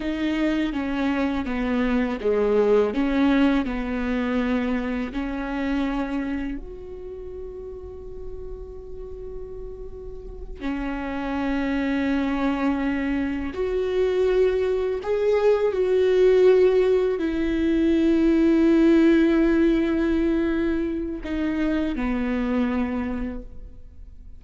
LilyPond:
\new Staff \with { instrumentName = "viola" } { \time 4/4 \tempo 4 = 82 dis'4 cis'4 b4 gis4 | cis'4 b2 cis'4~ | cis'4 fis'2.~ | fis'2~ fis'8 cis'4.~ |
cis'2~ cis'8 fis'4.~ | fis'8 gis'4 fis'2 e'8~ | e'1~ | e'4 dis'4 b2 | }